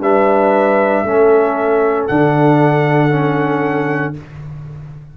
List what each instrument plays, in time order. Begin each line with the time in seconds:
0.00 tuba G3, trombone D4, horn B4, trumpet E5
1.04 tuba A3, trombone C#4, horn A4
2.07 tuba D3, trombone D4, trumpet F#5
3.10 trombone C#4